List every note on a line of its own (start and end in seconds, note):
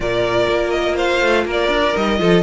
0.00 0.47 A#2
0.00 1.94 F4
0.00 0.95 A#4
0.00 0.70 D5
0.48 1.21 A#3
0.70 0.95 D#5
0.95 1.44 C5
0.95 1.46 F5
1.21 1.45 A3
1.45 1.68 A#3
1.45 2.19 A#4
1.51 1.96 D5
1.68 1.92 D4
1.95 2.20 G3
1.95 2.18 D#4
1.95 2.42 D#5
2.18 2.42 F3
2.18 2.42 F4
2.18 2.42 A4